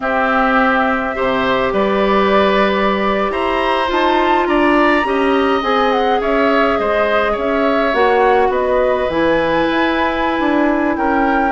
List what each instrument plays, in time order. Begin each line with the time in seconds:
0.00 clarinet C4, bassoon C4, oboe G4, flute E5
1.14 bassoon C3, clarinet G4, oboe C5
1.72 bassoon G3, oboe B4, flute D5
3.29 bassoon E4, oboe C5, flute A#5
3.87 bassoon D#4, clarinet F4, flute A5
4.46 bassoon D4, oboe D5, flute A#5
5.04 bassoon C#4, clarinet G4, oboe D#5
5.62 bassoon C4, clarinet G#4, flute G#5
5.91 flute F#5
6.20 bassoon C#4, oboe C#5, flute E5
6.78 bassoon G#3, oboe C5, flute D#5
7.32 bassoon C#4, oboe C#5
7.38 flute E5
7.93 bassoon A#3, clarinet F#4, flute F#5
8.49 bassoon B3, oboe B4, flute D#5
9.09 bassoon E3, clarinet E4, flute G#5
9.70 bassoon E4
10.39 bassoon D4
10.97 bassoon C#4, oboe A#4, flute G5